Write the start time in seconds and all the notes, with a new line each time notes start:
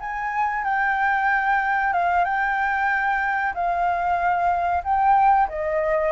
0.00 G#5
0.64 G5
1.93 F5
2.24 G5
3.54 F5
4.84 G5
5.49 D#5